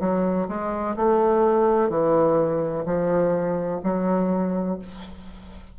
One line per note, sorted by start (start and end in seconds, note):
0.00 0.48 F#3
0.48 0.96 G#3
0.97 1.90 A3
1.90 2.85 E3
2.86 3.81 F3
3.84 4.79 F#3